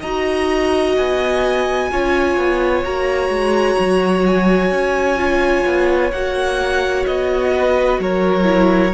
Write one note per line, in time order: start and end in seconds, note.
0.00 0.97 D#4
0.00 1.91 F#4
0.00 1.88 D#5
0.00 0.95 A#5
0.97 1.91 B3
0.97 2.84 G#5
1.91 2.37 C#4
1.91 2.84 F4
1.91 7.54 C#5
2.37 2.84 B3
2.84 3.29 A#3
2.84 5.17 F#4
2.84 4.25 A#5
3.29 3.75 G#3
3.79 4.71 F#3
4.26 6.12 G#5
4.71 5.65 C#4
5.17 6.10 F4
5.65 6.12 B3
6.12 7.05 A#3
6.12 8.43 F#4
6.12 7.05 F#5
7.06 7.99 B3
7.06 7.99 D#5
7.54 8.00 B4
7.99 8.92 F#3
7.99 8.94 A#4
7.99 8.94 C#5
8.43 8.90 E4